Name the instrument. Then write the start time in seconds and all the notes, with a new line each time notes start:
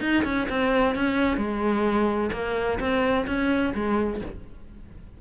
cello
0.00 D#4
0.24 C#4
0.49 C4
0.95 C#4
1.37 G#3
2.32 A#3
2.79 C4
3.26 C#4
3.74 G#3